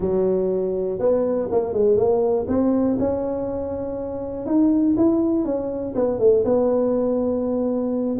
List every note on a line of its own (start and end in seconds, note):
0.00 0.99 F#3
0.99 1.49 B3
1.51 1.73 A#3
1.73 1.97 G#3
1.97 2.46 A#3
2.47 2.97 C4
2.99 4.46 C#4
4.46 4.95 D#4
4.97 5.45 E4
5.45 5.94 C#4
5.95 6.19 B3
6.19 6.43 A3
6.44 8.18 B3